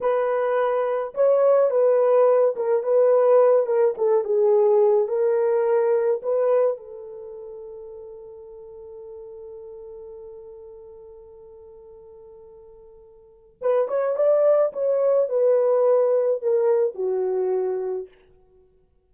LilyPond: \new Staff \with { instrumentName = "horn" } { \time 4/4 \tempo 4 = 106 b'2 cis''4 b'4~ | b'8 ais'8 b'4. ais'8 a'8 gis'8~ | gis'4 ais'2 b'4 | a'1~ |
a'1~ | a'1 | b'8 cis''8 d''4 cis''4 b'4~ | b'4 ais'4 fis'2 | }